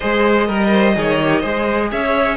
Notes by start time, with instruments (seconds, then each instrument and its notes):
0.00 cello G#3, viola G#4, violin C5 D#5
0.47 cello G3, violin A#4, viola A#4
0.72 violin C5
0.94 cello D#3, viola G#4, violin C#5
1.22 viola G4
1.40 cello G#3, viola G#4, violin C5
1.91 cello C#4, violin C#5 E5